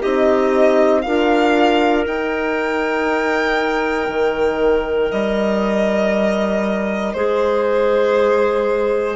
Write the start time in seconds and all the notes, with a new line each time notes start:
0.00 C4 D#4 G4 D#5
1.02 D4 F4 A#4 F5
2.06 D#4 G5
4.08 D#3
5.11 G3 D#5
7.14 G#3 G#4 C5